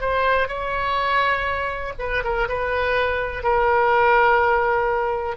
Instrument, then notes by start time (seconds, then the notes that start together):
oboe
0.00 C5
0.48 C#5
1.98 B4
2.23 A#4
2.48 B4
3.43 A#4